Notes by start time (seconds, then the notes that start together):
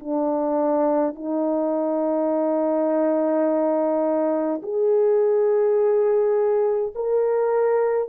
0.00 D4
1.15 D#4
4.63 G#4
6.95 A#4